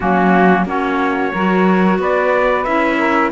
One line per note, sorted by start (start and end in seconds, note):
0.00 0.65 F#3
0.00 0.66 A#3
0.00 0.66 C#4
0.00 0.67 F#4
0.65 1.32 A#3
0.65 1.32 C#4
0.65 1.32 F#4
0.65 2.01 C#5
1.32 1.98 F#3
1.32 2.66 F#4
1.32 1.99 A#4
1.98 2.65 B3
1.98 2.97 B4
1.98 2.63 D5
2.63 3.32 C#4
2.63 3.32 E4
2.63 3.30 E5
2.97 3.31 A#4